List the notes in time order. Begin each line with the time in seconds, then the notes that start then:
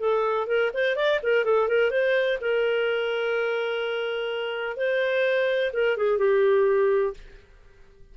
0.00 A4
0.47 A#4
0.74 C5
0.96 D5
1.23 A#4
1.45 A4
1.68 A#4
1.91 C5
2.41 A#4
4.77 C5
5.73 A#4
5.97 G#4
6.19 G4